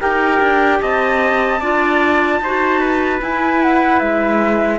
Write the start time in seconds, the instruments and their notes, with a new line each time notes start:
0.00 cello D#4, clarinet G4, trumpet A#4, flute G5
0.40 cello D4
0.81 cello C4, trumpet D#5, flute A5
1.60 cello D4, clarinet F4, trumpet D5
2.40 cello D#4, clarinet F#4, trumpet C5
2.80 trumpet B4
3.21 clarinet E4, cello E4, flute G#5
3.63 flute F#5
4.00 cello G#3, flute E5